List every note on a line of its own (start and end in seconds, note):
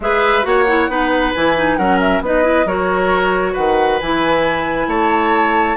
0.00 0.44 G#3
0.00 0.42 G#4
0.00 0.47 B4
0.00 0.44 E5
0.42 0.88 A#3
0.42 0.64 F#4
0.42 0.90 C#5
0.42 1.33 F#5
0.67 0.89 E4
0.88 1.33 B3
0.88 1.34 D#4
0.88 1.77 B4
1.34 1.78 E3
1.34 1.57 E4
1.34 1.76 G#5
1.57 1.78 D#4
1.76 2.20 F#3
1.76 2.23 C#4
1.76 2.22 A#4
1.76 1.99 F#5
2.00 2.22 E5
2.20 2.65 B3
2.20 2.42 D#4
2.20 2.66 B4
2.20 2.67 D#5
2.42 2.65 E4
2.65 3.54 F#3
2.65 4.00 F#4
2.65 3.53 A#4
2.65 3.54 C#5
3.53 4.01 D#3
3.53 4.86 B4
3.53 3.99 F#5
4.00 4.87 E3
4.00 5.76 E4
4.00 4.89 G#5
4.87 5.76 A3
4.87 5.76 C#5
4.87 5.76 A5